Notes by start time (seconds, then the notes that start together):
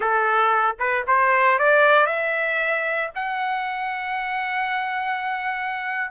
0.00 A4
0.79 B4
1.07 C5
1.58 D5
2.06 E5
3.15 F#5